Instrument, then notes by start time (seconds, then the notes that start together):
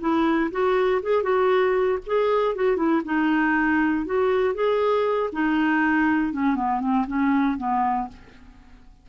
clarinet
0.00 E4
0.51 F#4
1.02 G#4
1.23 F#4
2.06 G#4
2.55 F#4
2.76 E4
3.05 D#4
4.05 F#4
4.54 G#4
5.33 D#4
6.33 C#4
6.56 B3
6.80 C4
7.07 C#4
7.57 B3